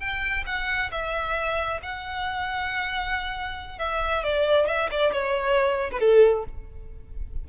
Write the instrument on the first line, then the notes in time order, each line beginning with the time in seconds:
violin
0.00 G5
0.46 F#5
0.91 E5
1.82 F#5
3.79 E5
4.24 D5
4.67 E5
4.91 D5
5.13 C#5
5.91 B4
6.00 A4